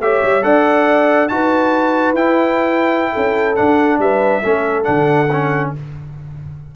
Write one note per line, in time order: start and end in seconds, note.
0.00 0.22 A3
0.00 0.42 G4
0.00 0.44 C#5
0.00 0.44 E5
0.23 0.43 G3
0.42 1.30 D4
0.42 1.28 A4
0.42 1.31 D5
0.42 1.29 F#5
1.29 2.13 D#4
1.29 2.16 F#4
1.29 3.13 B4
1.29 2.15 A5
2.13 3.10 E4
2.13 3.56 E4
2.13 3.56 G5
3.13 3.59 C#4
3.13 3.99 A4
3.56 4.43 D4
3.56 3.99 D4
3.56 3.99 F#5
3.99 4.42 G3
3.99 4.43 B4
3.99 4.84 E5
4.43 4.87 A3
4.43 4.84 C#4
4.43 5.72 A4
4.84 5.75 D3
4.84 5.27 D4
4.84 5.70 F#5
5.32 5.76 C#4